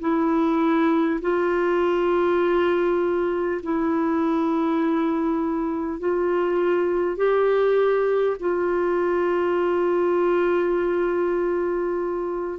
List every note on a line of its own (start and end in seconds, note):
0.00 1.20 E4
1.21 3.61 F4
3.62 5.99 E4
5.99 7.16 F4
7.16 8.36 G4
8.39 12.59 F4